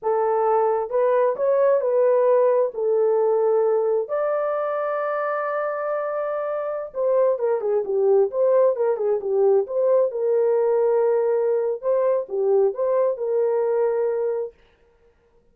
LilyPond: \new Staff \with { instrumentName = "horn" } { \time 4/4 \tempo 4 = 132 a'2 b'4 cis''4 | b'2 a'2~ | a'4 d''2.~ | d''2.~ d''16 c''8.~ |
c''16 ais'8 gis'8 g'4 c''4 ais'8 gis'16~ | gis'16 g'4 c''4 ais'4.~ ais'16~ | ais'2 c''4 g'4 | c''4 ais'2. | }